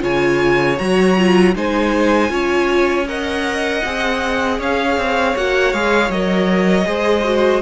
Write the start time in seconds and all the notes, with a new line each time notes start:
0.00 C#3 F4 C#5 G#5
0.78 F#3 F#4 A#5
1.18 F4
1.55 G#3 D#4 C5 G#5
2.29 C#4 F4 C#5
3.08 A#4 D#5 F#5
3.85 C4 G#4
4.59 C#4 C#5 F5
4.97 C4
5.36 A#3 F#4 F#5
5.73 G#3 G#4 F5
6.10 F#3 A#4 D#5
6.85 G#3 G#4 C5
7.25 F#4